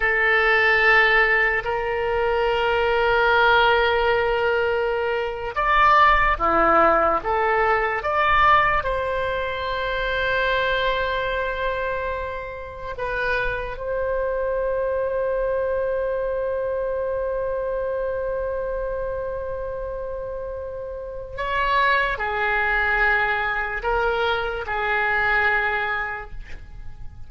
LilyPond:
\new Staff \with { instrumentName = "oboe" } { \time 4/4 \tempo 4 = 73 a'2 ais'2~ | ais'2~ ais'8. d''4 e'16~ | e'8. a'4 d''4 c''4~ c''16~ | c''2.~ c''8. b'16~ |
b'8. c''2.~ c''16~ | c''1~ | c''2 cis''4 gis'4~ | gis'4 ais'4 gis'2 | }